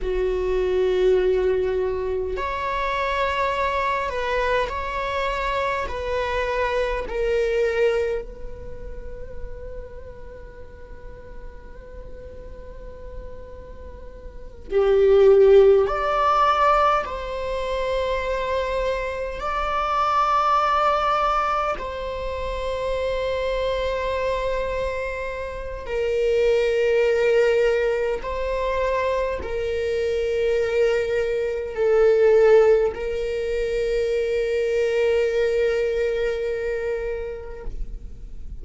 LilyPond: \new Staff \with { instrumentName = "viola" } { \time 4/4 \tempo 4 = 51 fis'2 cis''4. b'8 | cis''4 b'4 ais'4 b'4~ | b'1~ | b'8 g'4 d''4 c''4.~ |
c''8 d''2 c''4.~ | c''2 ais'2 | c''4 ais'2 a'4 | ais'1 | }